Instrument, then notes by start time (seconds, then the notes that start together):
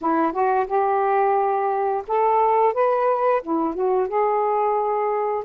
saxophone
0.01 E4
0.32 F#4
0.66 G4
2.07 A4
2.73 B4
3.42 E4
3.74 F#4
4.08 G#4